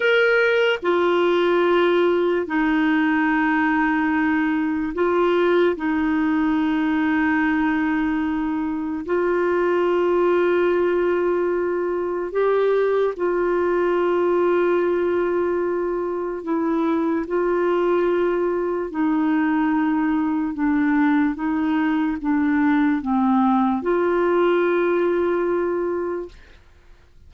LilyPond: \new Staff \with { instrumentName = "clarinet" } { \time 4/4 \tempo 4 = 73 ais'4 f'2 dis'4~ | dis'2 f'4 dis'4~ | dis'2. f'4~ | f'2. g'4 |
f'1 | e'4 f'2 dis'4~ | dis'4 d'4 dis'4 d'4 | c'4 f'2. | }